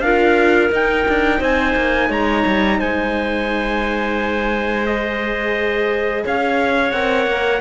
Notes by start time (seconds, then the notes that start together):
0.00 D4 F4 A#4 F5
0.71 D#4 G5
1.08 D4
1.39 C4 C5 G#5
1.76 A#3
2.09 G#3 C#5 A#5
2.46 G3
2.79 G#3 C5 G#5
4.86 G#4 D#5
6.25 C#4 C#5 F5
6.92 C4 A#4 F#5
7.26 A#3